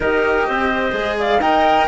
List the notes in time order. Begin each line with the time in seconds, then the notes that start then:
0.00 D#4 G4 A#4 D#5
0.47 C4 C5
0.92 G#3 G#4
1.18 D5 F5
1.39 D#4 A#4 D#5 G5